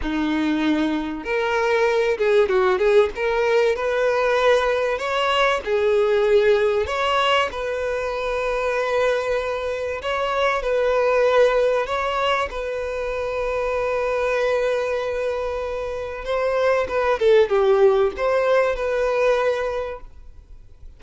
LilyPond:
\new Staff \with { instrumentName = "violin" } { \time 4/4 \tempo 4 = 96 dis'2 ais'4. gis'8 | fis'8 gis'8 ais'4 b'2 | cis''4 gis'2 cis''4 | b'1 |
cis''4 b'2 cis''4 | b'1~ | b'2 c''4 b'8 a'8 | g'4 c''4 b'2 | }